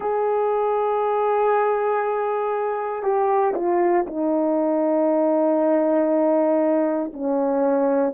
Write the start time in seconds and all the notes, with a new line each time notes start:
0.00 G#4
3.02 G4
3.55 F4
4.06 D#4
7.13 C#4